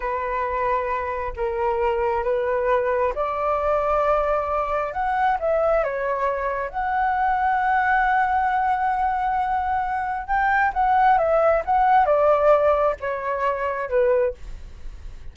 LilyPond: \new Staff \with { instrumentName = "flute" } { \time 4/4 \tempo 4 = 134 b'2. ais'4~ | ais'4 b'2 d''4~ | d''2. fis''4 | e''4 cis''2 fis''4~ |
fis''1~ | fis''2. g''4 | fis''4 e''4 fis''4 d''4~ | d''4 cis''2 b'4 | }